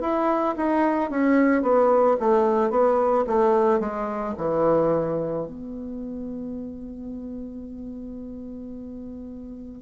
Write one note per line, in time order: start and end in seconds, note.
0.00 0.55 E4
0.56 1.10 D#4
1.10 1.62 C#4
1.62 2.16 B3
2.20 2.70 A3
2.70 3.24 B3
3.27 3.79 A3
3.79 4.34 G#3
4.37 5.45 E3
5.45 9.81 B3